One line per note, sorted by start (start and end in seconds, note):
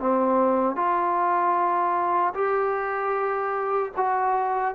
0.00 0.76 C4
0.76 2.34 F4
2.34 3.92 G4
3.97 4.75 F#4